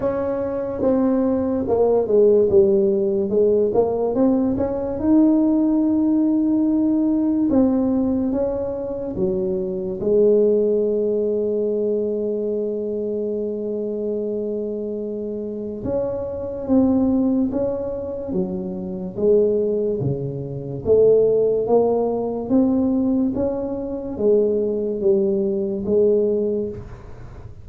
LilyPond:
\new Staff \with { instrumentName = "tuba" } { \time 4/4 \tempo 4 = 72 cis'4 c'4 ais8 gis8 g4 | gis8 ais8 c'8 cis'8 dis'2~ | dis'4 c'4 cis'4 fis4 | gis1~ |
gis2. cis'4 | c'4 cis'4 fis4 gis4 | cis4 a4 ais4 c'4 | cis'4 gis4 g4 gis4 | }